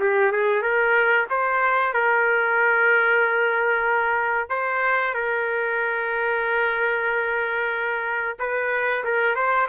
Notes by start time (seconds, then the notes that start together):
0.00 G4
0.32 G#4
0.62 A#4
1.30 C5
1.93 A#4
4.50 C5
5.14 A#4
8.39 B4
9.04 A#4
9.35 C5